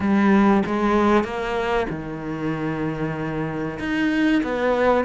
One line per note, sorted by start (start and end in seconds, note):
0.00 0.63 G3
0.65 1.23 G#3
1.23 1.87 A#3
1.89 3.79 D#3
3.79 4.42 D#4
4.43 5.04 B3